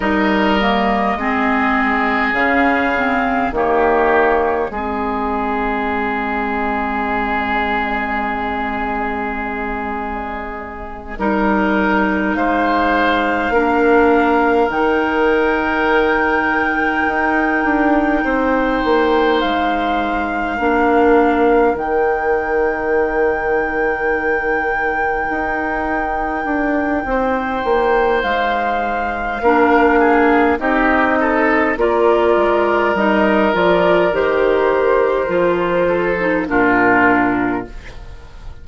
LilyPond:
<<
  \new Staff \with { instrumentName = "flute" } { \time 4/4 \tempo 4 = 51 dis''2 f''4 cis''4 | dis''1~ | dis''2~ dis''8 f''4.~ | f''8 g''2.~ g''8~ |
g''8 f''2 g''4.~ | g''1 | f''2 dis''4 d''4 | dis''8 d''8 c''2 ais'4 | }
  \new Staff \with { instrumentName = "oboe" } { \time 4/4 ais'4 gis'2 g'4 | gis'1~ | gis'4. ais'4 c''4 ais'8~ | ais'2.~ ais'8 c''8~ |
c''4. ais'2~ ais'8~ | ais'2. c''4~ | c''4 ais'8 gis'8 g'8 a'8 ais'4~ | ais'2~ ais'8 a'8 f'4 | }
  \new Staff \with { instrumentName = "clarinet" } { \time 4/4 dis'8 ais8 c'4 cis'8 c'8 ais4 | c'1~ | c'4. dis'2 d'8~ | d'8 dis'2.~ dis'8~ |
dis'4. d'4 dis'4.~ | dis'1~ | dis'4 d'4 dis'4 f'4 | dis'8 f'8 g'4 f'8. dis'16 d'4 | }
  \new Staff \with { instrumentName = "bassoon" } { \time 4/4 g4 gis4 cis4 dis4 | gis1~ | gis4. g4 gis4 ais8~ | ais8 dis2 dis'8 d'8 c'8 |
ais8 gis4 ais4 dis4.~ | dis4. dis'4 d'8 c'8 ais8 | gis4 ais4 c'4 ais8 gis8 | g8 f8 dis4 f4 ais,4 | }
>>